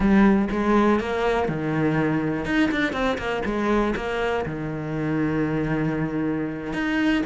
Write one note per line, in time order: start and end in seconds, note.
0.00 0.48 G3
0.51 0.99 G#3
0.99 1.48 A#3
1.48 2.45 D#3
2.45 2.69 D#4
2.71 2.93 D4
2.93 3.17 C4
3.17 3.42 A#3
3.45 3.94 G#3
3.96 4.45 A#3
4.45 6.73 D#3
6.73 7.22 D#4